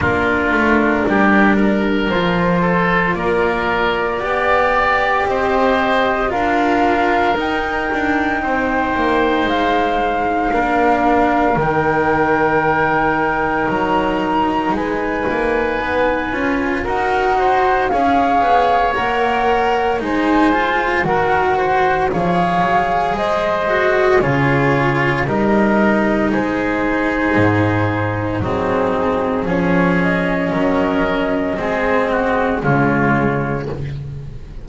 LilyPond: <<
  \new Staff \with { instrumentName = "flute" } { \time 4/4 \tempo 4 = 57 ais'2 c''4 d''4~ | d''4 dis''4 f''4 g''4~ | g''4 f''2 g''4~ | g''4 ais''4 gis''2 |
fis''4 f''4 fis''4 gis''4 | fis''4 f''4 dis''4 cis''4 | dis''4 c''2 gis'4 | cis''8 dis''2~ dis''8 cis''4 | }
  \new Staff \with { instrumentName = "oboe" } { \time 4/4 f'4 g'8 ais'4 a'8 ais'4 | d''4 c''4 ais'2 | c''2 ais'2~ | ais'2 b'2 |
ais'8 c''8 cis''2 c''4 | ais'8 c''8 cis''4 c''4 gis'4 | ais'4 gis'2 dis'4 | gis'4 ais'4 gis'8 fis'8 f'4 | }
  \new Staff \with { instrumentName = "cello" } { \time 4/4 d'2 f'2 | g'2 f'4 dis'4~ | dis'2 d'4 dis'4~ | dis'2.~ dis'8 f'8 |
fis'4 gis'4 ais'4 dis'8 f'8 | fis'4 gis'4. fis'8 f'4 | dis'2. c'4 | cis'2 c'4 gis4 | }
  \new Staff \with { instrumentName = "double bass" } { \time 4/4 ais8 a8 g4 f4 ais4 | b4 c'4 d'4 dis'8 d'8 | c'8 ais8 gis4 ais4 dis4~ | dis4 fis4 gis8 ais8 b8 cis'8 |
dis'4 cis'8 b8 ais4 gis4 | dis4 f8 fis8 gis4 cis4 | g4 gis4 gis,4 fis4 | f4 fis4 gis4 cis4 | }
>>